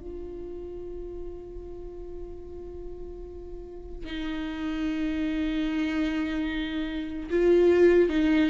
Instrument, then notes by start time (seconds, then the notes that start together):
viola
0.00 F4
4.05 D#4
7.30 F4
8.09 D#4